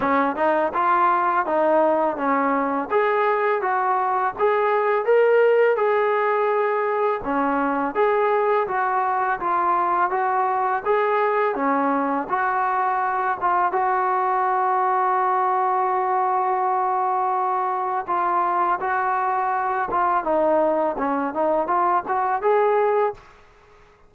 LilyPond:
\new Staff \with { instrumentName = "trombone" } { \time 4/4 \tempo 4 = 83 cis'8 dis'8 f'4 dis'4 cis'4 | gis'4 fis'4 gis'4 ais'4 | gis'2 cis'4 gis'4 | fis'4 f'4 fis'4 gis'4 |
cis'4 fis'4. f'8 fis'4~ | fis'1~ | fis'4 f'4 fis'4. f'8 | dis'4 cis'8 dis'8 f'8 fis'8 gis'4 | }